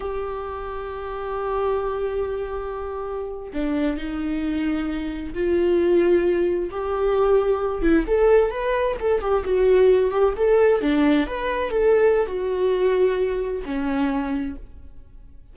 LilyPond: \new Staff \with { instrumentName = "viola" } { \time 4/4 \tempo 4 = 132 g'1~ | g'2.~ g'8. d'16~ | d'8. dis'2. f'16~ | f'2~ f'8. g'4~ g'16~ |
g'4~ g'16 e'8 a'4 b'4 a'16~ | a'16 g'8 fis'4. g'8 a'4 d'16~ | d'8. b'4 a'4~ a'16 fis'4~ | fis'2 cis'2 | }